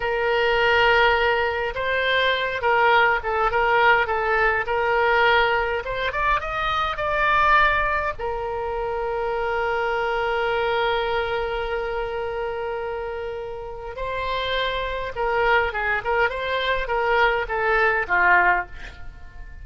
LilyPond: \new Staff \with { instrumentName = "oboe" } { \time 4/4 \tempo 4 = 103 ais'2. c''4~ | c''8 ais'4 a'8 ais'4 a'4 | ais'2 c''8 d''8 dis''4 | d''2 ais'2~ |
ais'1~ | ais'1 | c''2 ais'4 gis'8 ais'8 | c''4 ais'4 a'4 f'4 | }